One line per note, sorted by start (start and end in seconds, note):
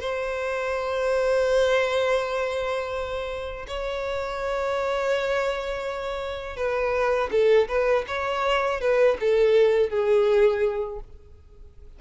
0.00 3.66 C5
3.67 6.56 C#5
6.56 7.29 B4
7.31 7.68 A4
7.68 8.05 B4
8.07 8.80 C#5
8.80 9.17 B4
9.20 9.89 A4
9.89 10.99 G#4